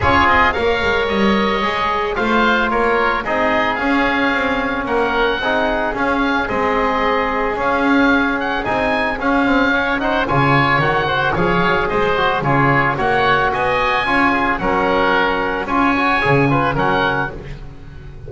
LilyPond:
<<
  \new Staff \with { instrumentName = "oboe" } { \time 4/4 \tempo 4 = 111 cis''8 dis''8 f''4 dis''2 | f''4 cis''4 dis''4 f''4~ | f''4 fis''2 f''4 | dis''2 f''4. fis''8 |
gis''4 f''4. fis''8 gis''4 | fis''4 f''4 dis''4 cis''4 | fis''4 gis''2 fis''4~ | fis''4 gis''2 fis''4 | }
  \new Staff \with { instrumentName = "oboe" } { \time 4/4 gis'4 cis''2. | c''4 ais'4 gis'2~ | gis'4 ais'4 gis'2~ | gis'1~ |
gis'2 cis''8 c''8 cis''4~ | cis''8 c''8 cis''4 c''4 gis'4 | cis''4 dis''4 cis''8 gis'8 ais'4~ | ais'4 cis''4. b'8 ais'4 | }
  \new Staff \with { instrumentName = "trombone" } { \time 4/4 f'4 ais'2 gis'4 | f'2 dis'4 cis'4~ | cis'2 dis'4 cis'4 | c'2 cis'2 |
dis'4 cis'8 c'8 cis'8 dis'8 f'4 | fis'4 gis'4. fis'8 f'4 | fis'2 f'4 cis'4~ | cis'4 f'8 fis'8 gis'8 f'8 cis'4 | }
  \new Staff \with { instrumentName = "double bass" } { \time 4/4 cis'8 c'8 ais8 gis8 g4 gis4 | a4 ais4 c'4 cis'4 | c'4 ais4 c'4 cis'4 | gis2 cis'2 |
c'4 cis'2 cis4 | dis4 f8 fis8 gis4 cis4 | ais4 b4 cis'4 fis4~ | fis4 cis'4 cis4 fis4 | }
>>